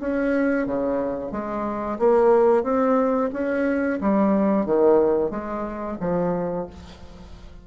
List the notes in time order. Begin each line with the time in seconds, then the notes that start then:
0.00 C#4
0.66 C#3
1.31 G#3
1.98 A#3
2.63 C4
3.32 C#4
4.01 G3
4.65 D#3
5.30 G#3
6.00 F3